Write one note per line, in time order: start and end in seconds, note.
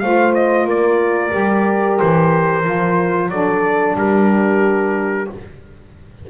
0.00 0.64 A3
0.00 1.30 F4
0.00 0.67 C5
0.00 0.33 F5
0.34 0.67 D#5
0.64 1.30 A#3
0.64 3.31 A#4
0.64 1.99 D5
1.30 2.00 G3
1.30 2.62 G4
1.99 2.67 E3
1.99 3.30 C5
2.64 3.29 F3
2.64 3.30 F4
3.29 3.95 F#3
3.29 5.29 D4
3.29 3.97 A4
3.29 3.96 D5
3.96 5.27 G3
3.96 5.30 G4
3.96 5.30 A#4